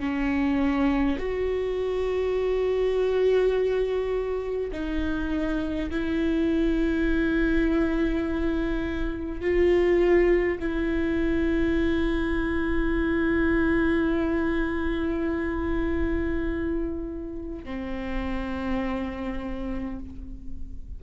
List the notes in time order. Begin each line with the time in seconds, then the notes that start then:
0.00 C#4
1.19 F#4
4.73 D#4
5.91 E4
9.41 F4
10.60 E4
17.65 C4